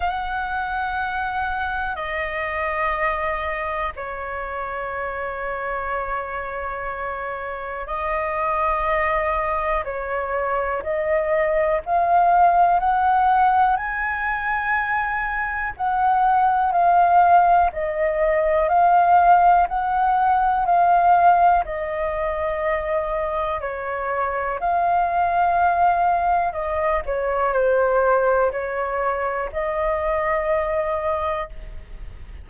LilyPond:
\new Staff \with { instrumentName = "flute" } { \time 4/4 \tempo 4 = 61 fis''2 dis''2 | cis''1 | dis''2 cis''4 dis''4 | f''4 fis''4 gis''2 |
fis''4 f''4 dis''4 f''4 | fis''4 f''4 dis''2 | cis''4 f''2 dis''8 cis''8 | c''4 cis''4 dis''2 | }